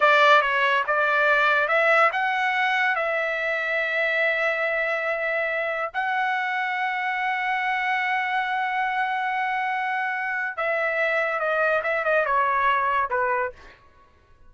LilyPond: \new Staff \with { instrumentName = "trumpet" } { \time 4/4 \tempo 4 = 142 d''4 cis''4 d''2 | e''4 fis''2 e''4~ | e''1~ | e''2 fis''2~ |
fis''1~ | fis''1~ | fis''4 e''2 dis''4 | e''8 dis''8 cis''2 b'4 | }